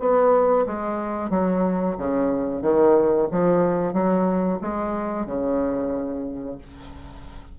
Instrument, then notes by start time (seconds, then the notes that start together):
bassoon
0.00 B3
0.67 G#3
1.31 F#3
1.98 C#3
2.63 D#3
3.32 F3
3.94 F#3
4.62 G#3
5.27 C#3